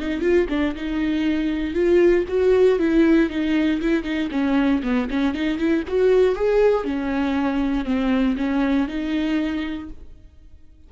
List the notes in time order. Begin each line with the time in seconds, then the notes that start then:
0.00 D#4
0.22 F4
0.50 D4
0.76 D#4
1.75 F4
2.29 F#4
2.79 E4
3.30 D#4
3.82 E4
4.04 D#4
4.32 C#4
4.84 B3
5.11 C#4
5.35 D#4
5.59 E4
5.88 F#4
6.36 G#4
6.85 C#4
7.86 C4
8.37 C#4
8.88 D#4